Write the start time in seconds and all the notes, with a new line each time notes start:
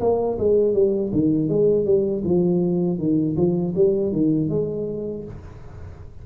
0.00 A#3
0.39 G#3
0.74 G3
1.13 D#3
1.49 G#3
1.85 G3
2.24 F3
2.98 D#3
3.36 F3
3.75 G3
4.12 D#3
4.49 G#3